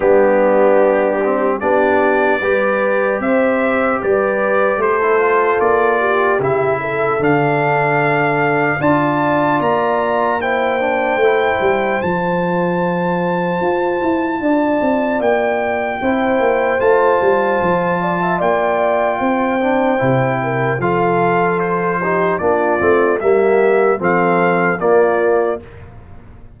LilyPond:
<<
  \new Staff \with { instrumentName = "trumpet" } { \time 4/4 \tempo 4 = 75 g'2 d''2 | e''4 d''4 c''4 d''4 | e''4 f''2 a''4 | ais''4 g''2 a''4~ |
a''2. g''4~ | g''4 a''2 g''4~ | g''2 f''4 c''4 | d''4 e''4 f''4 d''4 | }
  \new Staff \with { instrumentName = "horn" } { \time 4/4 d'2 g'4 b'4 | c''4 b'4 a'4. g'8~ | g'8 a'2~ a'8 d''4~ | d''4 c''2.~ |
c''2 d''2 | c''2~ c''8 d''16 e''16 d''4 | c''4. ais'8 a'4. g'8 | f'4 g'4 a'4 f'4 | }
  \new Staff \with { instrumentName = "trombone" } { \time 4/4 b4. c'8 d'4 g'4~ | g'2~ g'16 e'16 f'4. | e'4 d'2 f'4~ | f'4 e'8 d'8 e'4 f'4~ |
f'1 | e'4 f'2.~ | f'8 d'8 e'4 f'4. dis'8 | d'8 c'8 ais4 c'4 ais4 | }
  \new Staff \with { instrumentName = "tuba" } { \time 4/4 g2 b4 g4 | c'4 g4 a4 ais4 | cis4 d2 d'4 | ais2 a8 g8 f4~ |
f4 f'8 e'8 d'8 c'8 ais4 | c'8 ais8 a8 g8 f4 ais4 | c'4 c4 f2 | ais8 a8 g4 f4 ais4 | }
>>